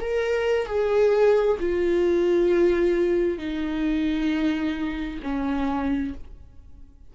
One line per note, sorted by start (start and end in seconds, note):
0.00 0.66 A#4
0.66 1.57 G#4
1.60 3.38 F4
3.38 5.20 D#4
5.23 6.14 C#4